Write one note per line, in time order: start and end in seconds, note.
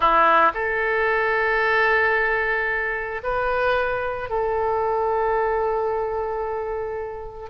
0.00 0.52 E4
0.54 3.21 A4
3.23 4.29 B4
4.29 7.50 A4